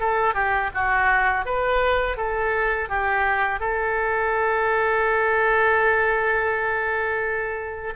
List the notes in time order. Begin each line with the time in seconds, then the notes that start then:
0.00 A4
0.34 G4
0.74 F#4
1.45 B4
2.17 A4
2.89 G4
3.60 A4